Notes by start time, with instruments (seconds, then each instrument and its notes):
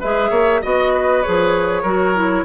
0.00 bassoon G#3, clarinet G#4, oboe B4, flute E5
0.30 bassoon A#3, oboe C#5
0.62 bassoon B3, clarinet F#4, oboe D#5, flute D#5
0.94 oboe B4
1.23 bassoon F3, clarinet G#4, flute C#5
1.82 bassoon F#3, clarinet F#4, oboe A#4
2.15 clarinet E4